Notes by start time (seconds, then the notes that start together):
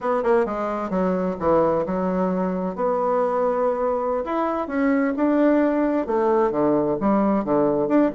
0.00 B3
0.23 A#3
0.45 G#3
0.90 F#3
1.39 E3
1.85 F#3
2.75 B3
4.24 E4
4.67 C#4
5.16 D4
6.06 A3
6.51 D3
7.00 G3
7.44 D3
7.88 D4